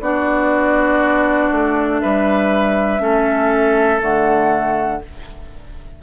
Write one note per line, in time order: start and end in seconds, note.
0.00 1.50 B3
0.00 2.99 D4
0.00 2.01 F#4
0.00 2.00 D5
1.51 2.01 A3
2.00 2.99 G3
2.00 3.01 B4
2.00 4.00 E5
2.99 3.99 A3
2.99 3.99 C#4
2.99 5.02 A4
3.99 5.01 D3
3.99 4.99 A3
3.99 5.02 F#5